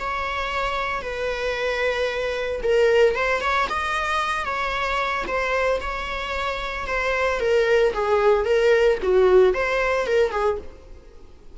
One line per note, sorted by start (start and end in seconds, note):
0.00 1.02 C#5
1.02 2.61 B4
2.63 3.15 A#4
3.15 3.42 C5
3.42 3.68 C#5
3.70 4.45 D#5
4.45 5.25 C#5
5.28 5.81 C5
5.81 6.87 C#5
6.87 7.40 C5
7.40 7.93 A#4
7.94 8.45 G#4
8.45 8.99 A#4
9.02 9.54 F#4
9.54 10.07 C5
10.07 10.32 A#4
10.32 10.58 G#4